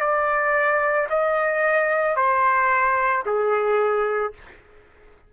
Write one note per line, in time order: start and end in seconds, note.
0.00 1.07 D5
1.10 2.16 D#5
2.16 3.23 C5
3.25 4.32 G#4